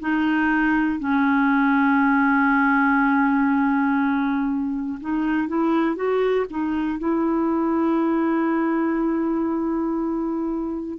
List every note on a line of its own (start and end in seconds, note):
0.00 0.99 D#4
0.99 4.99 C#4
5.01 5.48 D#4
5.48 5.96 E4
5.96 6.46 F#4
6.50 6.99 D#4
6.99 10.99 E4